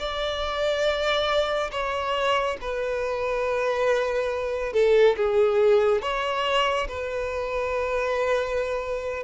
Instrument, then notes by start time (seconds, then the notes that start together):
violin
0.00 D5
1.72 C#5
2.61 B4
4.73 A4
5.17 G#4
6.02 C#5
6.89 B4